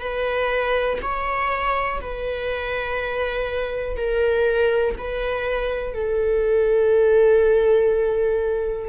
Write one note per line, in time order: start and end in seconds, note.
0.00 0.98 B4
1.02 2.00 C#5
2.01 3.97 B4
3.97 4.95 A#4
4.98 5.94 B4
5.94 8.89 A4